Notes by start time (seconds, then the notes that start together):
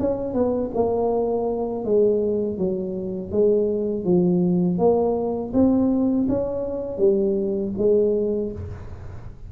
0.00 C#4
0.34 B3
0.74 A#3
1.85 G#3
2.58 F#3
3.32 G#3
4.05 F3
4.79 A#3
5.54 C4
6.29 C#4
6.98 G3
7.78 G#3